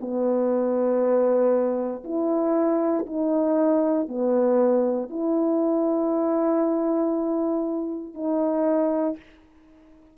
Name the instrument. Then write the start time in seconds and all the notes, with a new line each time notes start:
horn
0.00 B3
2.04 E4
3.06 D#4
4.08 B3
5.09 E4
8.14 D#4